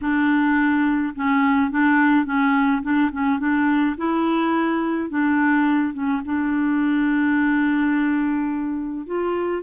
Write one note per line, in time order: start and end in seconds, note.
0.01 1.14 D4
1.15 1.70 C#4
1.70 2.25 D4
2.25 2.81 C#4
2.82 3.10 D4
3.12 3.39 C#4
3.39 3.95 D4
3.97 5.09 E4
5.09 5.93 D4
5.93 6.21 C#4
6.25 9.06 D4
9.06 9.62 F4